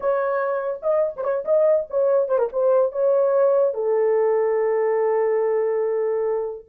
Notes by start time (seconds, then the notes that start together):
0.00 C#5
0.82 D#5
1.16 C5
1.23 C#5
1.44 D#5
1.89 C#5
2.28 C5
2.38 A#4
2.52 C5
2.92 C#5
3.73 A4